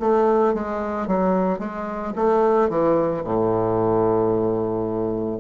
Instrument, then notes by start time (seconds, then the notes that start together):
bassoon
0.00 A3
0.54 G#3
1.07 F#3
1.59 G#3
2.15 A3
2.69 E3
3.24 A2